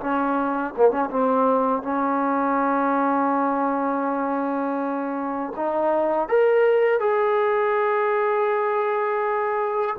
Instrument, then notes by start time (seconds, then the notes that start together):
trombone
0.00 C#4
0.77 A#3
0.91 C#4
1.10 C4
1.82 C#4
5.56 D#4
6.29 A#4
7.00 G#4